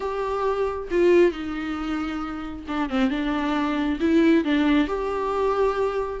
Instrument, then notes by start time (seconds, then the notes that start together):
viola
0.00 G4
0.90 F4
1.31 D#4
2.68 D4
2.89 C4
3.10 D4
4.00 E4
4.44 D4
4.87 G4